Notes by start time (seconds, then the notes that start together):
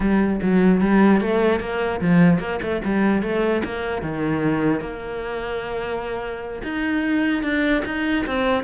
0.00 G3
0.42 F#3
0.81 G3
1.20 A3
1.60 A#3
2.00 F3
2.39 A#3
2.62 A3
2.84 G3
3.22 A3
3.64 A#3
4.02 D#3
4.80 A#3
6.63 D#4
7.42 D4
7.85 D#4
8.26 C4